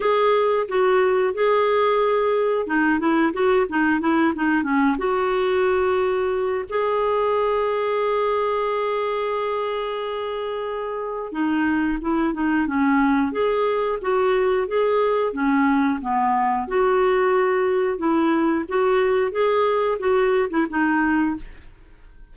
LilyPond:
\new Staff \with { instrumentName = "clarinet" } { \time 4/4 \tempo 4 = 90 gis'4 fis'4 gis'2 | dis'8 e'8 fis'8 dis'8 e'8 dis'8 cis'8 fis'8~ | fis'2 gis'2~ | gis'1~ |
gis'4 dis'4 e'8 dis'8 cis'4 | gis'4 fis'4 gis'4 cis'4 | b4 fis'2 e'4 | fis'4 gis'4 fis'8. e'16 dis'4 | }